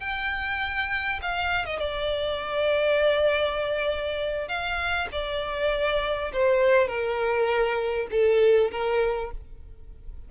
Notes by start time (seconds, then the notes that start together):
0.00 G5
1.22 F5
1.66 D#5
1.79 D5
4.48 F5
5.12 D5
6.33 C5
6.88 A#4
8.11 A4
8.71 A#4